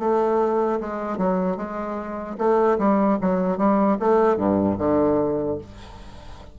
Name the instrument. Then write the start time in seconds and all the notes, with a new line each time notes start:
bassoon
0.00 A3
0.81 G#3
1.18 F#3
1.57 G#3
2.39 A3
2.79 G3
3.21 F#3
3.58 G3
4.00 A3
4.37 G2
4.79 D3